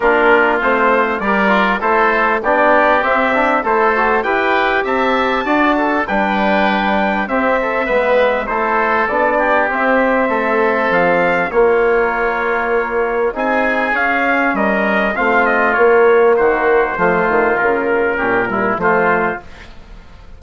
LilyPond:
<<
  \new Staff \with { instrumentName = "trumpet" } { \time 4/4 \tempo 4 = 99 ais'4 c''4 d''4 c''4 | d''4 e''4 c''4 g''4 | a''2 g''2 | e''2 c''4 d''4 |
e''2 f''4 cis''4~ | cis''2 gis''4 f''4 | dis''4 f''8 dis''8 cis''4 c''4~ | c''4 ais'2 c''4 | }
  \new Staff \with { instrumentName = "oboe" } { \time 4/4 f'2 ais'4 a'4 | g'2 a'4 b'4 | e''4 d''8 a'8 b'2 | g'8 a'8 b'4 a'4. g'8~ |
g'4 a'2 f'4~ | f'2 gis'2 | ais'4 f'2 fis'4 | f'2 g'8 e'8 f'4 | }
  \new Staff \with { instrumentName = "trombone" } { \time 4/4 d'4 c'4 g'8 f'8 e'4 | d'4 c'8 d'8 e'8 fis'8 g'4~ | g'4 fis'4 d'2 | c'4 b4 e'4 d'4 |
c'2. ais4~ | ais2 dis'4 cis'4~ | cis'4 c'4 ais2 | a4 ais4 cis'8 g8 a4 | }
  \new Staff \with { instrumentName = "bassoon" } { \time 4/4 ais4 a4 g4 a4 | b4 c'4 a4 e'4 | c'4 d'4 g2 | c'4 gis4 a4 b4 |
c'4 a4 f4 ais4~ | ais2 c'4 cis'4 | g4 a4 ais4 dis4 | f8 dis8 cis4 ais,4 f4 | }
>>